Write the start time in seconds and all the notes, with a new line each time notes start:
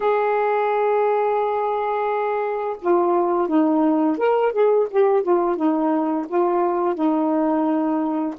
0.00 G#4
2.81 F4
3.48 D#4
4.17 A#4
4.52 G#4
4.90 G4
5.23 F4
5.56 D#4
6.28 F4
6.95 D#4